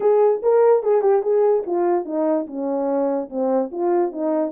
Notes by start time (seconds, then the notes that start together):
0.00 G#4
0.42 A#4
0.83 G#4
1.01 G4
1.22 G#4
1.66 F4
2.05 D#4
2.47 C#4
3.29 C4
3.71 F4
4.12 D#4